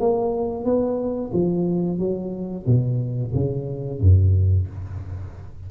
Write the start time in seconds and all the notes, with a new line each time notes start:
0.00 A#3
0.65 B3
1.33 F3
1.99 F#3
2.67 B2
3.35 C#3
4.01 F#2